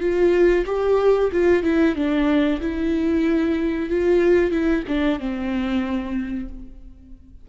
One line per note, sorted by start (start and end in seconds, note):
0.00 0.65 F4
0.65 1.30 G4
1.32 1.62 F4
1.62 1.95 E4
1.95 2.60 D4
2.60 3.89 E4
3.89 4.51 F4
4.51 4.83 E4
4.87 5.19 D4
5.19 6.48 C4